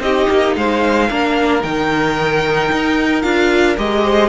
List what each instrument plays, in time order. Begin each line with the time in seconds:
0.00 cello C4, viola D#4, violin G4 D#5
0.31 cello A#3
0.56 cello G#3, violin C5 F5
1.10 cello A#3, viola D4, violin A#4
1.61 cello D#3, viola D#4, violin G5
2.72 cello D#4
3.22 cello D4, viola F4, violin F5
3.77 cello G#3, viola G4, violin D#5
4.04 violin C5